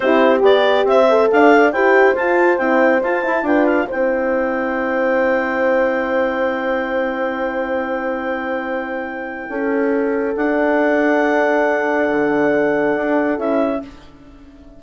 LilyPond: <<
  \new Staff \with { instrumentName = "clarinet" } { \time 4/4 \tempo 4 = 139 c''4 d''4 e''4 f''4 | g''4 a''4 g''4 a''4 | g''8 f''8 g''2.~ | g''1~ |
g''1~ | g''1 | fis''1~ | fis''2. e''4 | }
  \new Staff \with { instrumentName = "horn" } { \time 4/4 g'2 c''4 d''4 | c''1 | b'4 c''2.~ | c''1~ |
c''1~ | c''2 a'2~ | a'1~ | a'1 | }
  \new Staff \with { instrumentName = "horn" } { \time 4/4 e'4 g'4. a'4. | g'4 f'4 e'4 f'8 e'8 | f'4 e'2.~ | e'1~ |
e'1~ | e'1 | d'1~ | d'2. e'4 | }
  \new Staff \with { instrumentName = "bassoon" } { \time 4/4 c'4 b4 c'4 d'4 | e'4 f'4 c'4 f'8 e'8 | d'4 c'2.~ | c'1~ |
c'1~ | c'2 cis'2 | d'1 | d2 d'4 cis'4 | }
>>